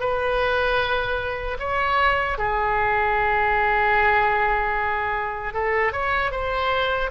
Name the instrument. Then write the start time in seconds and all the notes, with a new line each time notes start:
oboe
0.00 B4
1.59 C#5
2.38 G#4
5.54 A4
5.92 C#5
6.31 C5